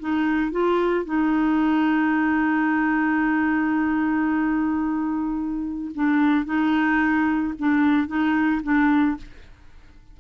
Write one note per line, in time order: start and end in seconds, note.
0.00 0.52 D#4
0.52 1.05 F4
1.05 5.92 D#4
5.95 6.46 D4
6.46 7.54 D#4
7.59 8.08 D4
8.08 8.62 D#4
8.63 9.17 D4